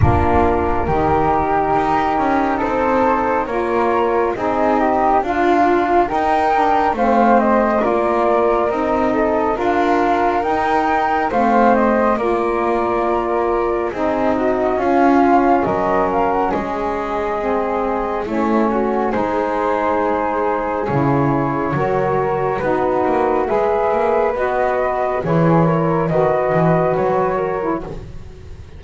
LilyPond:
<<
  \new Staff \with { instrumentName = "flute" } { \time 4/4 \tempo 4 = 69 ais'2. c''4 | cis''4 dis''4 f''4 g''4 | f''8 dis''8 d''4 dis''4 f''4 | g''4 f''8 dis''8 d''2 |
dis''4 f''4 dis''8 f''16 fis''16 dis''4~ | dis''4 cis''4 c''2 | cis''2 b'4 e''4 | dis''4 cis''4 dis''4 cis''4 | }
  \new Staff \with { instrumentName = "flute" } { \time 4/4 f'4 g'2 a'4 | ais'4 gis'8 g'8 f'4 ais'4 | c''4 ais'4. a'8 ais'4~ | ais'4 c''4 ais'2 |
gis'8 fis'8 f'4 ais'4 gis'4~ | gis'4 e'8 fis'8 gis'2~ | gis'4 ais'4 fis'4 b'4~ | b'4 gis'8 ais'8 b'4. ais'8 | }
  \new Staff \with { instrumentName = "saxophone" } { \time 4/4 d'4 dis'2. | f'4 dis'4 f'4 dis'8 d'8 | c'4 f'4 dis'4 f'4 | dis'4 c'4 f'2 |
dis'4 cis'2. | c'4 cis'4 dis'2 | e'4 fis'4 dis'4 gis'4 | fis'4 e'4 fis'4.~ fis'16 e'16 | }
  \new Staff \with { instrumentName = "double bass" } { \time 4/4 ais4 dis4 dis'8 cis'8 c'4 | ais4 c'4 d'4 dis'4 | a4 ais4 c'4 d'4 | dis'4 a4 ais2 |
c'4 cis'4 fis4 gis4~ | gis4 a4 gis2 | cis4 fis4 b8 ais8 gis8 ais8 | b4 e4 dis8 e8 fis4 | }
>>